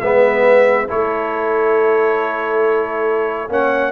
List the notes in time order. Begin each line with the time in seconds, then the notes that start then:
0.00 G#3 B3 B4 E5
0.88 A3 E4 A4 C#5
3.48 A#3 C#4 C#5 F#5